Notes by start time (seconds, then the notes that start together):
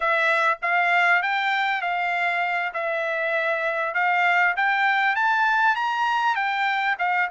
0.00 E5
0.62 F5
1.22 G5
1.81 F5
2.73 E5
3.94 F5
4.56 G5
5.15 A5
5.75 A#5
6.35 G5
6.98 F5